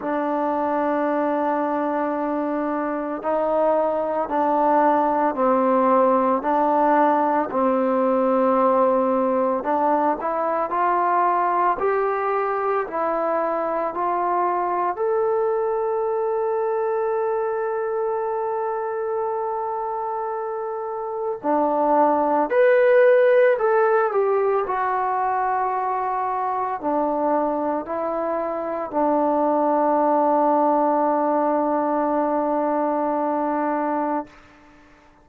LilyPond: \new Staff \with { instrumentName = "trombone" } { \time 4/4 \tempo 4 = 56 d'2. dis'4 | d'4 c'4 d'4 c'4~ | c'4 d'8 e'8 f'4 g'4 | e'4 f'4 a'2~ |
a'1 | d'4 b'4 a'8 g'8 fis'4~ | fis'4 d'4 e'4 d'4~ | d'1 | }